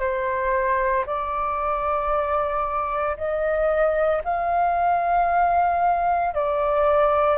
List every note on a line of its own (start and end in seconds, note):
0.00 1.05 C5
1.07 3.17 D5
3.17 4.22 D#5
4.24 6.34 F5
6.34 7.38 D5